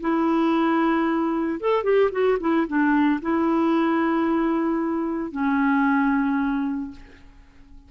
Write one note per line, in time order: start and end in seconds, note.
0.00 1.59 E4
1.60 1.83 A4
1.83 2.10 G4
2.11 2.38 F#4
2.40 2.66 E4
2.67 3.20 D4
3.21 5.31 E4
5.31 6.91 C#4